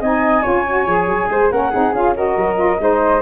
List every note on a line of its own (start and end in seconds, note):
0.00 0.44 C4
0.00 0.44 D#4
0.00 0.42 D#5
0.00 1.51 G#5
0.42 0.86 C#4
0.42 0.65 F4
0.42 1.28 C#5
0.67 0.86 F#4
0.86 1.07 F3
0.86 1.50 G#4
1.07 1.28 F#3
1.29 1.51 G#3
1.29 1.52 C5
1.50 1.72 A#3
1.50 1.72 C#4
1.50 1.71 A#4
1.50 1.94 F#5
1.71 1.92 C4
1.71 1.94 D#4
1.71 2.13 G#4
1.92 2.35 C#4
1.92 2.15 F4
1.92 2.16 F5
2.15 2.55 F#4
2.15 2.81 A#4
2.15 3.22 D#5
2.37 2.79 F#3
2.55 2.76 F4
2.79 3.22 G#3
2.79 3.22 D#4
2.79 3.22 C5